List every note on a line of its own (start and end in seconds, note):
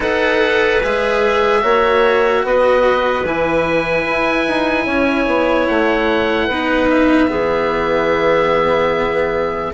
0.00 0.81 D#4
0.00 0.80 A4
0.00 1.61 B4
0.00 0.83 F#5
0.83 1.63 G#3
0.83 1.61 G#4
0.83 2.45 E5
1.61 2.44 A#3
1.61 3.23 F#4
1.61 2.44 C#5
2.44 3.24 B3
2.44 4.85 B4
2.44 3.26 D#5
3.24 4.05 E3
3.24 6.50 E4
3.24 5.67 G#5
4.06 4.46 E4
4.48 4.86 D#4
4.85 5.26 C#4
4.85 6.46 C#5
5.26 5.67 B3
5.67 6.48 A3
5.67 6.89 F#5
6.46 7.29 B3
6.46 7.28 D#4
6.46 7.27 B4
6.89 9.73 E5
7.28 9.73 E3
7.28 9.71 B3
7.28 9.72 G#4